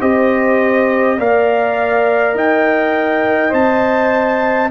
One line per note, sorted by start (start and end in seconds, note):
0.00 1.17 C4
0.00 1.18 G4
0.00 1.18 C5
0.00 1.19 D#5
1.17 2.34 A#3
1.17 3.50 A#4
1.17 2.35 D5
1.17 2.37 F5
2.34 3.52 D#4
2.34 4.70 D#5
2.34 3.53 G5
3.50 4.70 C4
3.50 4.67 C5
3.50 4.70 A5